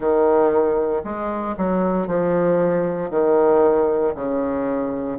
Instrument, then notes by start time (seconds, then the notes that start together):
bassoon
0.00 D#3
1.03 G#3
1.57 F#3
2.07 F3
3.10 D#3
4.15 C#3